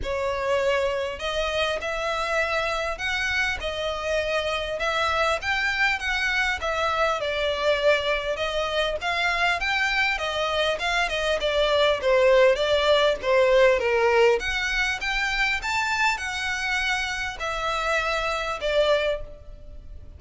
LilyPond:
\new Staff \with { instrumentName = "violin" } { \time 4/4 \tempo 4 = 100 cis''2 dis''4 e''4~ | e''4 fis''4 dis''2 | e''4 g''4 fis''4 e''4 | d''2 dis''4 f''4 |
g''4 dis''4 f''8 dis''8 d''4 | c''4 d''4 c''4 ais'4 | fis''4 g''4 a''4 fis''4~ | fis''4 e''2 d''4 | }